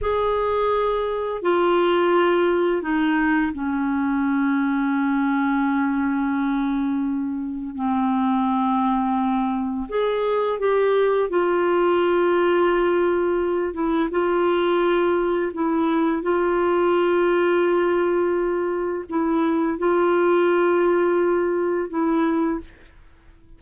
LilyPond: \new Staff \with { instrumentName = "clarinet" } { \time 4/4 \tempo 4 = 85 gis'2 f'2 | dis'4 cis'2.~ | cis'2. c'4~ | c'2 gis'4 g'4 |
f'2.~ f'8 e'8 | f'2 e'4 f'4~ | f'2. e'4 | f'2. e'4 | }